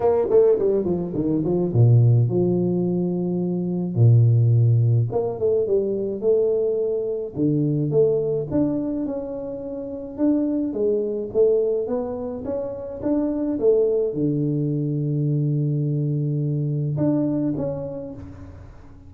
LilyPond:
\new Staff \with { instrumentName = "tuba" } { \time 4/4 \tempo 4 = 106 ais8 a8 g8 f8 dis8 f8 ais,4 | f2. ais,4~ | ais,4 ais8 a8 g4 a4~ | a4 d4 a4 d'4 |
cis'2 d'4 gis4 | a4 b4 cis'4 d'4 | a4 d2.~ | d2 d'4 cis'4 | }